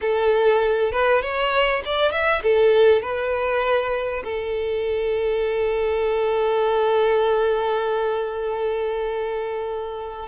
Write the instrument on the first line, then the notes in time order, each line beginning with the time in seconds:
violin
0.01 A4
0.92 B4
1.21 C#5
1.85 D5
2.11 E5
2.42 A4
3.02 B4
4.24 A4